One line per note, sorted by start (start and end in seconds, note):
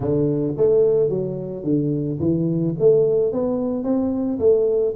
0.00 0.55 D3
0.57 1.09 A3
1.09 1.63 F#3
1.63 2.18 D3
2.19 2.74 E3
2.79 3.32 A3
3.32 3.83 B3
3.83 4.38 C4
4.39 4.94 A3